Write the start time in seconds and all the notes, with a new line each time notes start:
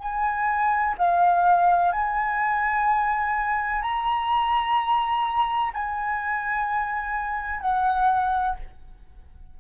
0.00 G#5
0.98 F5
1.93 G#5
3.82 A#5
5.74 G#5
7.61 F#5